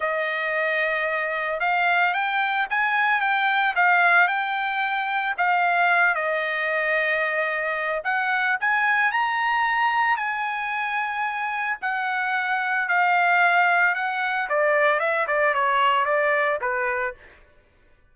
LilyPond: \new Staff \with { instrumentName = "trumpet" } { \time 4/4 \tempo 4 = 112 dis''2. f''4 | g''4 gis''4 g''4 f''4 | g''2 f''4. dis''8~ | dis''2. fis''4 |
gis''4 ais''2 gis''4~ | gis''2 fis''2 | f''2 fis''4 d''4 | e''8 d''8 cis''4 d''4 b'4 | }